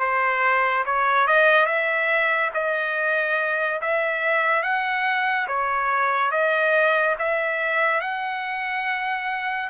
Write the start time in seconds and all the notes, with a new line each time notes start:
0.00 C5
0.86 C#5
1.27 D#5
1.66 E5
2.54 D#5
3.81 E5
4.63 F#5
5.48 C#5
6.31 D#5
7.19 E5
8.01 F#5